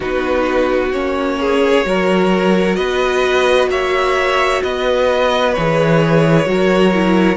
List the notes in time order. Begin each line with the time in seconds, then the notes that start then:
0.00 B3 D#4 F#4 B4
0.92 A#3 C#4 C#5
1.40 G#4
1.84 F#3 F#4 A#4
2.75 B3 B4 D#5
3.68 A#3 C#5 E5
4.62 B3 B4 D#5
5.53 E3 G#4 C#5
6.46 F#3 F#4 A#4
6.93 E4